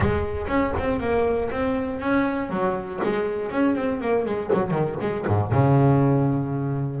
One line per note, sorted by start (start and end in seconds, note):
0.00 0.46 G#3
0.47 0.72 C#4
0.79 1.00 C4
1.00 1.50 A#3
1.51 2.00 C4
2.00 2.50 C#4
2.50 3.00 F#3
3.03 3.51 G#3
3.51 3.75 C#4
3.75 4.00 C4
4.00 4.25 A#3
4.25 4.50 G#3
4.52 4.70 F#3
4.70 4.95 D#3
5.00 5.25 G#3
5.27 5.52 G#2
5.52 7.00 C#3